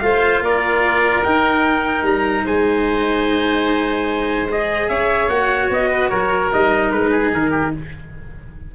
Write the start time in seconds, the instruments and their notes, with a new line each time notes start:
0.00 tuba A3, cello F4, oboe C5, trumpet F5
0.41 tuba A#3, oboe A#4, trumpet D5
1.24 cello D#4, tuba D#4, trumpet G5
2.03 tuba G3, trumpet A#5
2.45 tuba G#3, oboe C5, trumpet G#5
4.49 cello G#4, trumpet D#5
4.89 tuba C#4, oboe C#5, trumpet E5
5.29 tuba A#3, cello F#4, trumpet F#5
5.70 tuba B3, trumpet D#5
5.91 oboe B4
6.10 tuba F#3, oboe A#4, trumpet C#5
6.53 tuba G3, cello D#4, trumpet D#5
6.92 tuba G#3, trumpet B4
7.11 oboe G#4
7.34 tuba D#3, trumpet A#4
7.51 oboe G4